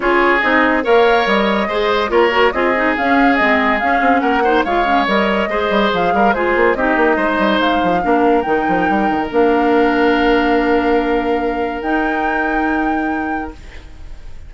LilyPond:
<<
  \new Staff \with { instrumentName = "flute" } { \time 4/4 \tempo 4 = 142 cis''4 dis''4 f''4 dis''4~ | dis''4 cis''4 dis''4 f''4 | dis''4 f''4 fis''4 f''4 | dis''2 f''4 c''4 |
dis''2 f''2 | g''2 f''2~ | f''1 | g''1 | }
  \new Staff \with { instrumentName = "oboe" } { \time 4/4 gis'2 cis''2 | c''4 ais'4 gis'2~ | gis'2 ais'8 c''8 cis''4~ | cis''4 c''4. ais'8 gis'4 |
g'4 c''2 ais'4~ | ais'1~ | ais'1~ | ais'1 | }
  \new Staff \with { instrumentName = "clarinet" } { \time 4/4 f'4 dis'4 ais'2 | gis'4 f'8 fis'8 f'8 dis'8 cis'4 | c'4 cis'4. dis'8 f'8 cis'8 | ais'4 gis'2 f'4 |
dis'2. d'4 | dis'2 d'2~ | d'1 | dis'1 | }
  \new Staff \with { instrumentName = "bassoon" } { \time 4/4 cis'4 c'4 ais4 g4 | gis4 ais4 c'4 cis'4 | gis4 cis'8 c'8 ais4 gis4 | g4 gis8 g8 f8 g8 gis8 ais8 |
c'8 ais8 gis8 g8 gis8 f8 ais4 | dis8 f8 g8 dis8 ais2~ | ais1 | dis'1 | }
>>